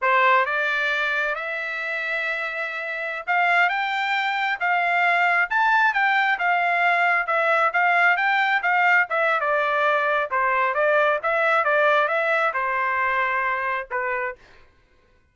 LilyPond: \new Staff \with { instrumentName = "trumpet" } { \time 4/4 \tempo 4 = 134 c''4 d''2 e''4~ | e''2.~ e''16 f''8.~ | f''16 g''2 f''4.~ f''16~ | f''16 a''4 g''4 f''4.~ f''16~ |
f''16 e''4 f''4 g''4 f''8.~ | f''16 e''8. d''2 c''4 | d''4 e''4 d''4 e''4 | c''2. b'4 | }